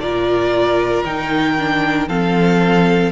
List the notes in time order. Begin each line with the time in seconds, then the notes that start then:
0.00 A#2 F4 A#4 D5
1.06 D#3 D#4 G5
1.59 D4
2.09 F3 C4 A4 F5